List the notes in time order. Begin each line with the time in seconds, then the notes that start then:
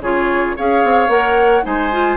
0.00 C#3 F4 G#4 C#5
0.56 C#4 G#4 C#5 F5
0.84 C4
1.08 A#3 A#4 F#5
1.63 G#3 D#4 C5 G#5
1.91 F4